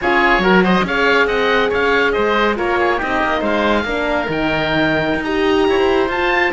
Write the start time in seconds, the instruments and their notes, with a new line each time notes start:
0.01 cello C#4, horn F4, oboe G#4 C#5
0.38 cello F#3, horn F#4, oboe A#4
0.63 oboe C5 D#5
0.84 cello C#4, horn G#4, oboe C#5 F5
1.26 cello C4, oboe D#5 F#5
1.69 cello C#4, oboe C#5 F5
2.12 cello G#3, oboe C5 D#5
2.55 cello A#3, horn F4, oboe A#4 C#5
2.79 oboe G#4
2.96 cello C4, horn D#4, oboe G4 D#5
3.23 cello A#3
3.40 cello G#3, oboe C5 F5
3.84 cello A#3, horn D4, oboe A#4
4.26 cello D#3, horn D#4, oboe G5
5.15 cello D#4
5.23 horn G4, oboe D#5 A#5
5.67 cello E4, oboe C#5
5.78 oboe C5
6.08 cello F4, horn F4, oboe A5